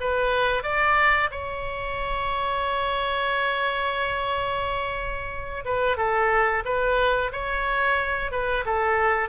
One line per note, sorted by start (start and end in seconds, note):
0.00 0.63 B4
0.63 1.29 D5
1.31 5.64 C#5
5.65 5.97 B4
5.97 6.63 A4
6.65 7.31 B4
7.32 8.31 C#5
8.31 8.65 B4
8.65 9.29 A4